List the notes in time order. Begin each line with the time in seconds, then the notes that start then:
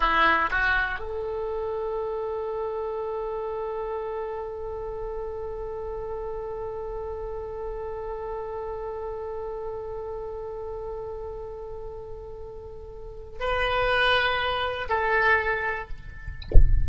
0.00 E4
0.50 F#4
0.99 A4
13.39 B4
14.89 A4